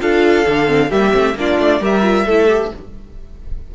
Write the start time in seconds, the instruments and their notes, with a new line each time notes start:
0.00 cello D4, viola F4, violin A4 F5
0.47 cello D3, viola D4
0.67 viola C4
0.90 cello G3, viola A#3, violin G4 E5
1.12 cello A3, viola C4
1.35 cello A#3, viola D4, violin F4 D5
1.59 cello A3
1.80 cello G3, viola G4, violin A#4 E5
2.02 viola F4
2.26 cello A3, viola E4, violin A4
2.48 viola G4